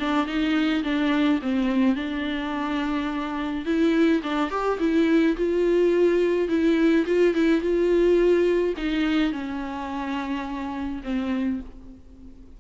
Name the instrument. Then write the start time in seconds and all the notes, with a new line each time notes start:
viola
0.00 D4
0.27 D#4
0.84 D4
1.42 C4
1.96 D4
3.66 E4
4.23 D4
4.51 G4
4.80 E4
5.37 F4
6.49 E4
7.07 F4
7.35 E4
7.61 F4
8.77 D#4
9.32 C#4
11.04 C4